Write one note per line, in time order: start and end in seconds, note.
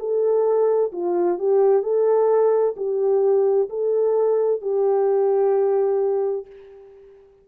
0.00 0.92 A4
0.93 1.39 F4
1.39 1.83 G4
1.83 2.76 A4
2.77 3.69 G4
3.70 4.62 A4
4.62 6.47 G4